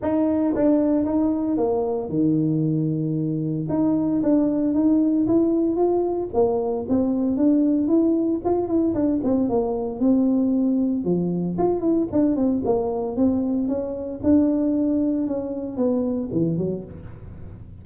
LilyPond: \new Staff \with { instrumentName = "tuba" } { \time 4/4 \tempo 4 = 114 dis'4 d'4 dis'4 ais4 | dis2. dis'4 | d'4 dis'4 e'4 f'4 | ais4 c'4 d'4 e'4 |
f'8 e'8 d'8 c'8 ais4 c'4~ | c'4 f4 f'8 e'8 d'8 c'8 | ais4 c'4 cis'4 d'4~ | d'4 cis'4 b4 e8 fis8 | }